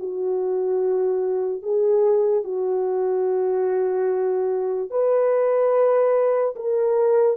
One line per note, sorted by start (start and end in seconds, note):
0.00 1.63 F#4
1.63 2.44 G#4
2.44 4.91 F#4
4.91 6.55 B4
6.56 7.37 A#4